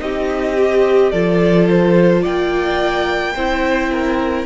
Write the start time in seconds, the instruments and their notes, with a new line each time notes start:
0.00 cello C4, viola D#4, violin G4 D#5
0.59 viola G4
1.11 cello F3, viola F4, violin A4 D5
1.70 violin C5
2.22 cello A#3, violin D5 G5
3.35 cello C4, viola E4, violin C5
3.92 violin A#4